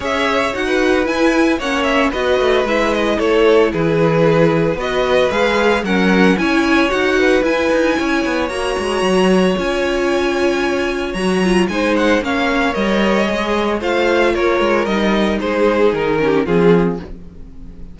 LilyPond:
<<
  \new Staff \with { instrumentName = "violin" } { \time 4/4 \tempo 4 = 113 e''4 fis''4 gis''4 fis''8 e''8 | dis''4 e''8 dis''8 cis''4 b'4~ | b'4 dis''4 f''4 fis''4 | gis''4 fis''4 gis''2 |
ais''2 gis''2~ | gis''4 ais''4 gis''8 fis''8 f''4 | dis''2 f''4 cis''4 | dis''4 c''4 ais'4 gis'4 | }
  \new Staff \with { instrumentName = "violin" } { \time 4/4 cis''4~ cis''16 b'4.~ b'16 cis''4 | b'2 a'4 gis'4~ | gis'4 b'2 ais'4 | cis''4. b'4. cis''4~ |
cis''1~ | cis''2 c''4 cis''4~ | cis''2 c''4 ais'4~ | ais'4 gis'4. g'8 f'4 | }
  \new Staff \with { instrumentName = "viola" } { \time 4/4 gis'4 fis'4 e'4 cis'4 | fis'4 e'2.~ | e'4 fis'4 gis'4 cis'4 | e'4 fis'4 e'2 |
fis'2 f'2~ | f'4 fis'8 f'8 dis'4 cis'4 | ais'4 gis'4 f'2 | dis'2~ dis'8 cis'8 c'4 | }
  \new Staff \with { instrumentName = "cello" } { \time 4/4 cis'4 dis'4 e'4 ais4 | b8 a8 gis4 a4 e4~ | e4 b4 gis4 fis4 | cis'4 dis'4 e'8 dis'8 cis'8 b8 |
ais8 gis8 fis4 cis'2~ | cis'4 fis4 gis4 ais4 | g4 gis4 a4 ais8 gis8 | g4 gis4 dis4 f4 | }
>>